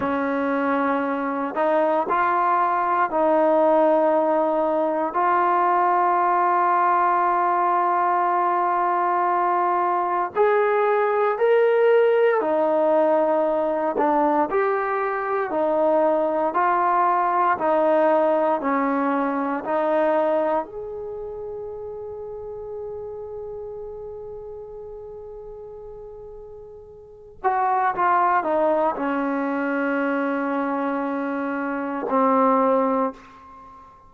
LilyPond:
\new Staff \with { instrumentName = "trombone" } { \time 4/4 \tempo 4 = 58 cis'4. dis'8 f'4 dis'4~ | dis'4 f'2.~ | f'2 gis'4 ais'4 | dis'4. d'8 g'4 dis'4 |
f'4 dis'4 cis'4 dis'4 | gis'1~ | gis'2~ gis'8 fis'8 f'8 dis'8 | cis'2. c'4 | }